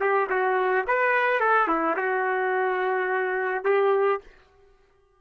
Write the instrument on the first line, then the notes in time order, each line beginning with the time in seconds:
trumpet
0.00 G4
0.30 F#4
0.87 B4
1.40 A4
1.67 E4
1.97 F#4
3.65 G4